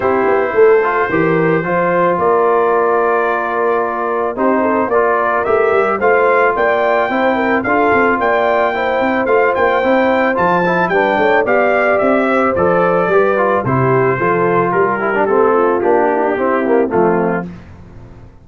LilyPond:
<<
  \new Staff \with { instrumentName = "trumpet" } { \time 4/4 \tempo 4 = 110 c''1 | d''1 | c''4 d''4 e''4 f''4 | g''2 f''4 g''4~ |
g''4 f''8 g''4. a''4 | g''4 f''4 e''4 d''4~ | d''4 c''2 ais'4 | a'4 g'2 f'4 | }
  \new Staff \with { instrumentName = "horn" } { \time 4/4 g'4 a'4 ais'4 c''4 | ais'1 | g'8 a'8 ais'2 c''4 | d''4 c''8 ais'8 a'4 d''4 |
c''1 | b'8 cis''8 d''4. c''4. | b'4 g'4 a'4 g'4~ | g'8 f'4 e'16 d'16 e'4 c'4 | }
  \new Staff \with { instrumentName = "trombone" } { \time 4/4 e'4. f'8 g'4 f'4~ | f'1 | dis'4 f'4 g'4 f'4~ | f'4 e'4 f'2 |
e'4 f'4 e'4 f'8 e'8 | d'4 g'2 a'4 | g'8 f'8 e'4 f'4. e'16 d'16 | c'4 d'4 c'8 ais8 a4 | }
  \new Staff \with { instrumentName = "tuba" } { \time 4/4 c'8 b8 a4 e4 f4 | ais1 | c'4 ais4 a8 g8 a4 | ais4 c'4 d'8 c'8 ais4~ |
ais8 c'8 a8 ais8 c'4 f4 | g8 a8 b4 c'4 f4 | g4 c4 f4 g4 | a4 ais4 c'4 f4 | }
>>